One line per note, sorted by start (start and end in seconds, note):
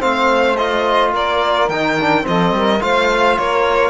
0.00 1.14 A3
0.00 0.57 C4
0.00 1.12 C5
0.00 0.57 F5
0.57 1.70 F4
0.57 1.13 D#5
1.13 1.69 A#3
1.13 2.25 A#4
1.13 1.69 D5
1.69 2.25 D#3
1.69 2.00 D#4
1.69 2.25 G5
2.00 2.23 D4
2.23 2.52 F3
2.23 2.79 C4
2.23 2.56 A4
2.23 2.82 D#5
2.52 2.80 G3
2.52 2.83 A#4
2.81 3.38 A3
2.81 3.91 F4
2.81 3.38 C5
2.81 3.38 F5
3.38 3.91 A#3
3.38 3.91 A#4
3.38 3.91 C#5